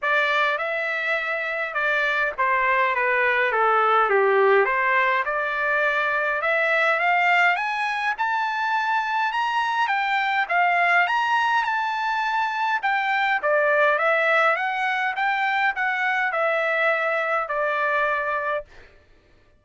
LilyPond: \new Staff \with { instrumentName = "trumpet" } { \time 4/4 \tempo 4 = 103 d''4 e''2 d''4 | c''4 b'4 a'4 g'4 | c''4 d''2 e''4 | f''4 gis''4 a''2 |
ais''4 g''4 f''4 ais''4 | a''2 g''4 d''4 | e''4 fis''4 g''4 fis''4 | e''2 d''2 | }